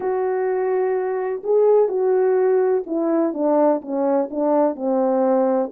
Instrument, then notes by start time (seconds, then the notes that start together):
horn
0.00 F#4
1.43 G#4
1.88 F#4
2.86 E4
3.33 D4
3.81 C#4
4.30 D4
4.75 C4